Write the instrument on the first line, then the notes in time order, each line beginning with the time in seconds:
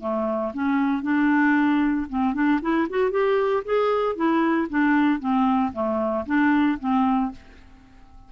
clarinet
0.00 A3
0.54 C#4
1.02 D4
2.09 C4
2.34 D4
2.62 E4
2.90 F#4
3.11 G4
3.65 G#4
4.15 E4
4.69 D4
5.20 C4
5.73 A3
6.26 D4
6.79 C4